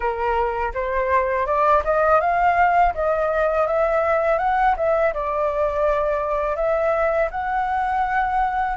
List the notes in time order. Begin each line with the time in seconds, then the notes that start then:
0.00 A#4
0.74 C5
1.46 D5
1.84 D#5
2.20 F5
2.94 D#5
3.66 E5
4.38 F#5
4.76 E5
5.13 D5
6.56 E5
7.30 F#5